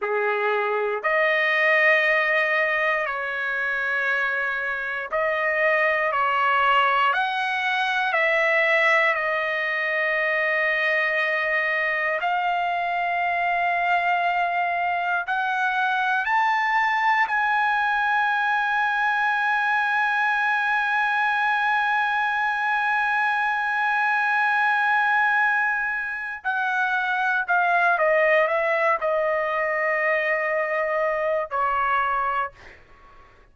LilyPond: \new Staff \with { instrumentName = "trumpet" } { \time 4/4 \tempo 4 = 59 gis'4 dis''2 cis''4~ | cis''4 dis''4 cis''4 fis''4 | e''4 dis''2. | f''2. fis''4 |
a''4 gis''2.~ | gis''1~ | gis''2 fis''4 f''8 dis''8 | e''8 dis''2~ dis''8 cis''4 | }